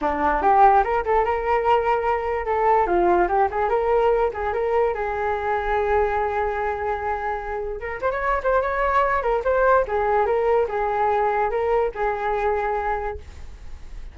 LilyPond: \new Staff \with { instrumentName = "flute" } { \time 4/4 \tempo 4 = 146 d'4 g'4 ais'8 a'8 ais'4~ | ais'2 a'4 f'4 | g'8 gis'8 ais'4. gis'8 ais'4 | gis'1~ |
gis'2. ais'8 c''16 cis''16~ | cis''8 c''8 cis''4. ais'8 c''4 | gis'4 ais'4 gis'2 | ais'4 gis'2. | }